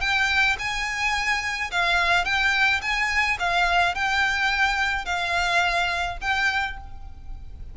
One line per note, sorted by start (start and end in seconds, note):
0.00 0.56 G5
0.58 1.71 G#5
1.71 2.25 F5
2.25 2.81 G5
2.81 3.37 G#5
3.39 3.94 F5
3.94 5.05 G5
5.05 6.17 F5
6.21 6.77 G5